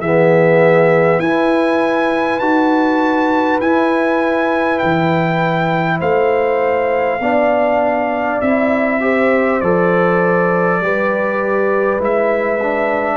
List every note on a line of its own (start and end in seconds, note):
0.00 1.19 E3
0.00 1.24 B3
0.00 1.20 G#4
0.00 1.20 E5
1.19 2.38 E4
1.19 2.41 E4
1.19 5.99 B4
1.19 2.39 G#5
2.38 3.58 D#4
2.38 3.61 F#4
2.38 3.59 A5
3.60 4.81 E4
3.60 7.21 E4
3.60 4.79 G#5
4.79 6.00 E3
4.79 5.99 G5
5.99 7.20 A3
5.99 7.19 C5
5.99 8.41 F5
7.20 8.40 B3
7.20 8.43 D4
7.20 9.02 D5
8.41 9.61 C4
8.41 9.00 E4
8.41 9.61 E5
9.00 9.60 G4
9.00 10.83 C5
9.61 10.81 F3
9.61 10.82 A4
9.61 12.01 D5
10.81 11.99 G3
10.81 11.99 G4
10.81 13.17 B4
11.99 13.17 G#3
11.99 12.59 E4
11.99 13.17 E5
12.62 13.17 D4